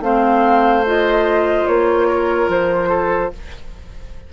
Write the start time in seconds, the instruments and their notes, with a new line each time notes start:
0.00 bassoon A3, clarinet C4, oboe C5, flute F5
0.86 clarinet F4, flute D#5
1.67 bassoon A#3, flute C#5
2.08 oboe A#4
2.48 bassoon F3, flute C5
2.89 oboe A4